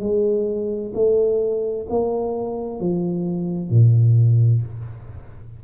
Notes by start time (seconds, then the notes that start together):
0.00 G#3
0.94 A3
1.89 A#3
2.80 F3
3.70 A#2